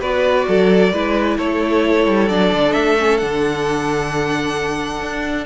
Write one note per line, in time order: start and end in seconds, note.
0.00 0.46 B3
0.00 0.92 F#4
0.00 0.45 B4
0.00 1.37 D5
0.47 0.92 F#3
0.47 0.92 A4
0.92 1.37 G#3
0.92 2.29 E4
0.92 1.37 B4
1.37 2.06 A3
1.37 5.46 A4
1.37 2.28 C#5
2.06 2.28 G3
2.28 2.51 F#3
2.28 2.97 D4
2.28 2.72 D5
2.52 2.74 D3
2.72 3.21 A3
2.72 3.17 E5
2.98 3.19 C#4
3.17 5.01 D3
3.17 5.46 D4
3.17 5.44 F#5
5.01 5.46 D4